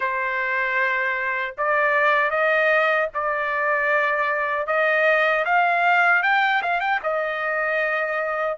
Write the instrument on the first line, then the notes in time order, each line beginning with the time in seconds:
trumpet
0.00 C5
1.57 D5
2.30 D#5
3.13 D5
4.66 D#5
5.45 F5
6.23 G5
6.62 F5
6.80 G5
7.03 D#5